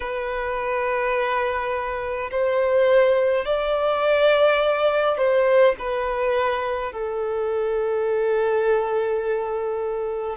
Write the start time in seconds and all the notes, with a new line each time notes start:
0.00 B4
2.31 C5
3.45 D5
5.17 C5
5.78 B4
6.92 A4